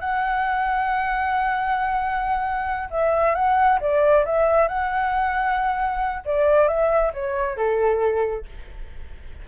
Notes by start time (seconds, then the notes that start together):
0.00 F#5
2.91 E5
3.35 F#5
3.80 D5
4.25 E5
4.68 F#5
6.25 D5
6.68 E5
7.14 C#5
7.57 A4